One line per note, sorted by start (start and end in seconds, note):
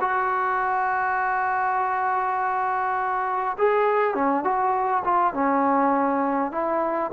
0.00 3.56 F#4
3.58 4.14 G#4
4.14 4.44 C#4
4.44 5.03 F#4
5.04 5.33 F4
5.33 6.51 C#4
6.51 7.11 E4